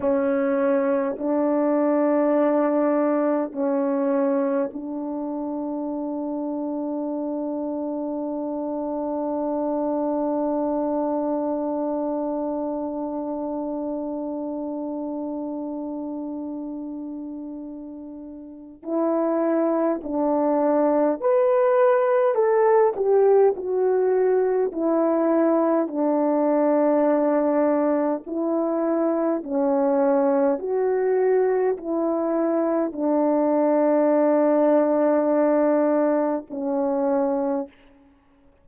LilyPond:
\new Staff \with { instrumentName = "horn" } { \time 4/4 \tempo 4 = 51 cis'4 d'2 cis'4 | d'1~ | d'1~ | d'1 |
e'4 d'4 b'4 a'8 g'8 | fis'4 e'4 d'2 | e'4 cis'4 fis'4 e'4 | d'2. cis'4 | }